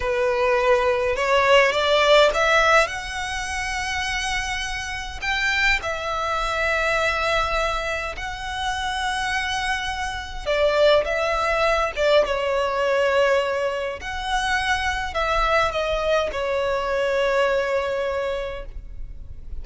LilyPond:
\new Staff \with { instrumentName = "violin" } { \time 4/4 \tempo 4 = 103 b'2 cis''4 d''4 | e''4 fis''2.~ | fis''4 g''4 e''2~ | e''2 fis''2~ |
fis''2 d''4 e''4~ | e''8 d''8 cis''2. | fis''2 e''4 dis''4 | cis''1 | }